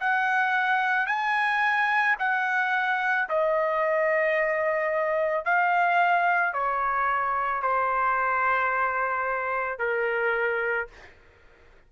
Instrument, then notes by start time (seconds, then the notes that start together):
trumpet
0.00 F#5
1.07 G#5
2.19 F#5
3.29 D#5
5.45 F5
6.54 C#5
7.62 C5
9.78 A#4